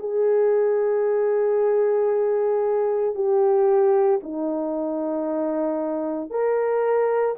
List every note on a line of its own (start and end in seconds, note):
0.00 3.15 G#4
3.15 4.21 G4
4.23 6.31 D#4
6.31 7.36 A#4